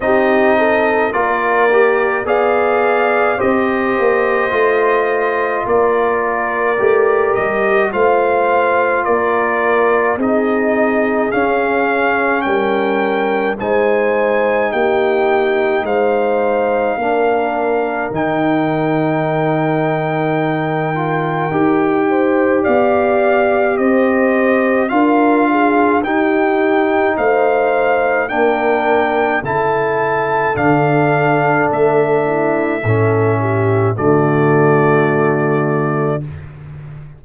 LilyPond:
<<
  \new Staff \with { instrumentName = "trumpet" } { \time 4/4 \tempo 4 = 53 dis''4 d''4 f''4 dis''4~ | dis''4 d''4. dis''8 f''4 | d''4 dis''4 f''4 g''4 | gis''4 g''4 f''2 |
g''1 | f''4 dis''4 f''4 g''4 | f''4 g''4 a''4 f''4 | e''2 d''2 | }
  \new Staff \with { instrumentName = "horn" } { \time 4/4 g'8 a'8 ais'4 d''4 c''4~ | c''4 ais'2 c''4 | ais'4 gis'2 ais'4 | c''4 g'4 c''4 ais'4~ |
ais'2.~ ais'8 c''8 | d''4 c''4 ais'8 gis'8 g'4 | c''4 ais'4 a'2~ | a'8 e'8 a'8 g'8 fis'2 | }
  \new Staff \with { instrumentName = "trombone" } { \time 4/4 dis'4 f'8 g'8 gis'4 g'4 | f'2 g'4 f'4~ | f'4 dis'4 cis'2 | dis'2. d'4 |
dis'2~ dis'8 f'8 g'4~ | g'2 f'4 dis'4~ | dis'4 d'4 e'4 d'4~ | d'4 cis'4 a2 | }
  \new Staff \with { instrumentName = "tuba" } { \time 4/4 c'4 ais4 b4 c'8 ais8 | a4 ais4 a8 g8 a4 | ais4 c'4 cis'4 g4 | gis4 ais4 gis4 ais4 |
dis2. dis'4 | b4 c'4 d'4 dis'4 | a4 ais4 cis4 d4 | a4 a,4 d2 | }
>>